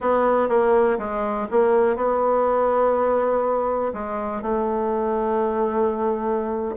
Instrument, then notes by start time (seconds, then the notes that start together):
bassoon
0.00 B3
0.49 A#3
0.98 G#3
1.50 A#3
1.96 B3
3.93 G#3
4.42 A3